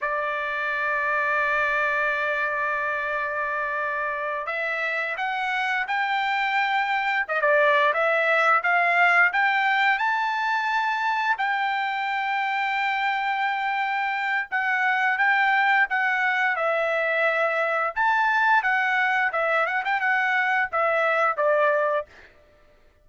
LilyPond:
\new Staff \with { instrumentName = "trumpet" } { \time 4/4 \tempo 4 = 87 d''1~ | d''2~ d''8 e''4 fis''8~ | fis''8 g''2 dis''16 d''8. e''8~ | e''8 f''4 g''4 a''4.~ |
a''8 g''2.~ g''8~ | g''4 fis''4 g''4 fis''4 | e''2 a''4 fis''4 | e''8 fis''16 g''16 fis''4 e''4 d''4 | }